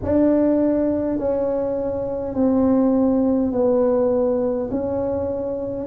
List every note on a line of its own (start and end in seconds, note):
0.03 1.18 D4
1.18 2.34 C#4
2.34 3.51 C4
3.52 4.70 B3
4.71 5.87 C#4